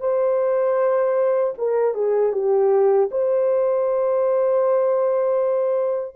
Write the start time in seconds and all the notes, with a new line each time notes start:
0.00 C5
1.58 A#4
1.95 G#4
2.33 G4
3.12 C5